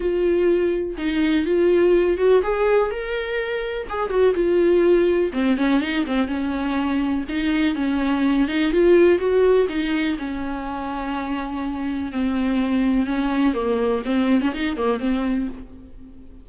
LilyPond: \new Staff \with { instrumentName = "viola" } { \time 4/4 \tempo 4 = 124 f'2 dis'4 f'4~ | f'8 fis'8 gis'4 ais'2 | gis'8 fis'8 f'2 c'8 cis'8 | dis'8 c'8 cis'2 dis'4 |
cis'4. dis'8 f'4 fis'4 | dis'4 cis'2.~ | cis'4 c'2 cis'4 | ais4 c'8. cis'16 dis'8 ais8 c'4 | }